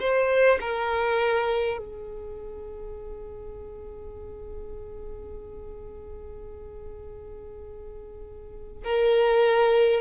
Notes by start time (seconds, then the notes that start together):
0.00 C5
0.61 A#4
1.78 G#4
8.84 A#4